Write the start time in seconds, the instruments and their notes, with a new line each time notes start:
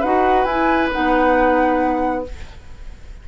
0.00 bassoon D#4, clarinet F#4, oboe B4, flute F#5
0.45 bassoon E4, clarinet E4, flute G#5
0.92 bassoon B3, clarinet D#4, flute F#5